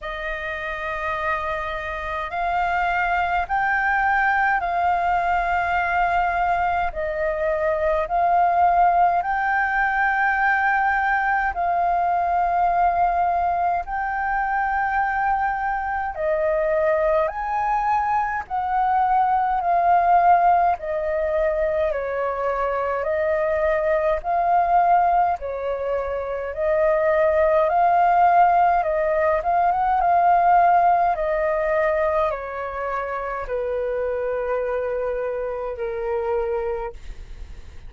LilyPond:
\new Staff \with { instrumentName = "flute" } { \time 4/4 \tempo 4 = 52 dis''2 f''4 g''4 | f''2 dis''4 f''4 | g''2 f''2 | g''2 dis''4 gis''4 |
fis''4 f''4 dis''4 cis''4 | dis''4 f''4 cis''4 dis''4 | f''4 dis''8 f''16 fis''16 f''4 dis''4 | cis''4 b'2 ais'4 | }